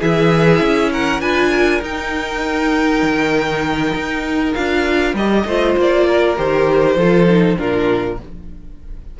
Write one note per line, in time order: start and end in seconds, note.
0.00 0.61 E3
0.00 1.22 E4
0.00 0.91 G#4
0.00 0.92 E5
0.61 1.21 C#4
0.93 1.22 A#4
0.93 1.21 F#5
1.21 1.81 D4
1.21 1.82 F4
1.21 1.51 B4
1.21 1.81 G#5
1.51 5.44 A#4
1.81 3.03 D#4
1.81 4.55 D#4
1.81 4.54 G5
3.03 3.94 D#3
3.94 4.55 D#4
4.54 5.14 D4
4.54 5.15 F4
4.54 5.15 F5
5.14 5.44 G3
5.14 5.48 G4
5.14 5.77 D#5
5.45 5.76 A3
5.45 6.36 F4
5.45 6.07 C5
5.77 6.38 A#3
5.77 6.38 D5
6.08 6.97 A#4
6.36 6.96 D#3
6.36 6.97 G4
6.36 7.58 C5
6.96 7.56 F3
6.96 7.28 F4
6.96 7.58 A4
7.28 7.57 D#4
7.57 8.20 A#2
7.57 8.18 D4
7.57 8.19 F4
7.57 8.19 A#4